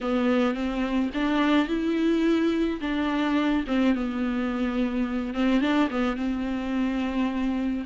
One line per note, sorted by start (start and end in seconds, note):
0.00 0.54 B3
0.54 1.10 C4
1.14 1.68 D4
1.68 2.80 E4
2.80 3.64 D4
3.67 3.94 C4
3.94 5.34 B3
5.34 5.60 C4
5.60 5.88 D4
5.90 6.16 B3
6.16 7.84 C4